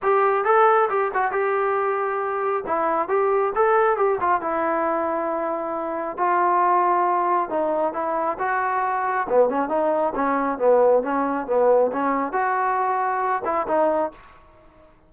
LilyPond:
\new Staff \with { instrumentName = "trombone" } { \time 4/4 \tempo 4 = 136 g'4 a'4 g'8 fis'8 g'4~ | g'2 e'4 g'4 | a'4 g'8 f'8 e'2~ | e'2 f'2~ |
f'4 dis'4 e'4 fis'4~ | fis'4 b8 cis'8 dis'4 cis'4 | b4 cis'4 b4 cis'4 | fis'2~ fis'8 e'8 dis'4 | }